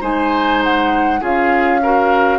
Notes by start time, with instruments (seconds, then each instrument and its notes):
0.00 bassoon G#3, clarinet D#4, oboe C5, flute G#5
0.63 flute F#5
1.20 bassoon C#4, clarinet F4, oboe G#4, flute F5
1.82 clarinet F#4, oboe A#4